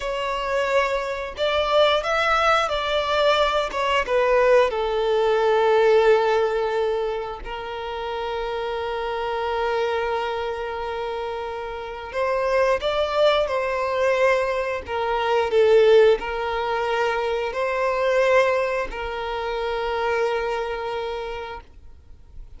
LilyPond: \new Staff \with { instrumentName = "violin" } { \time 4/4 \tempo 4 = 89 cis''2 d''4 e''4 | d''4. cis''8 b'4 a'4~ | a'2. ais'4~ | ais'1~ |
ais'2 c''4 d''4 | c''2 ais'4 a'4 | ais'2 c''2 | ais'1 | }